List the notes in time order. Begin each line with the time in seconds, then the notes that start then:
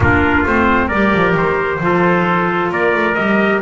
0.00 A#3 D4 F4 A#4
0.45 A3 C4 C5
0.87 G3 G4 A#4 D5
1.14 F3
1.34 D#3 C5
1.80 F3 F4 A4
2.71 A#3 A#4 D5
2.94 A3
3.14 G3 G4 D#5